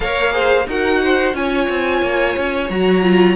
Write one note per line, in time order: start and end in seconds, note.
0.00 0.66 A#3
0.00 0.31 A#4
0.00 0.33 C#5
0.00 0.68 F5
0.31 0.65 G#4
0.31 0.66 C5
0.66 1.33 D#4
0.66 1.33 F#4
0.66 1.01 A#4
0.66 1.35 F#5
1.03 1.36 C5
1.33 1.67 C#4
1.33 2.68 F4
1.33 3.35 C#5
1.33 2.70 G#5
1.69 2.02 C4
2.02 2.35 A#3
2.37 2.69 C#4
2.69 3.35 F#3
2.69 3.02 F#4
2.69 3.35 A#5
3.02 3.35 F4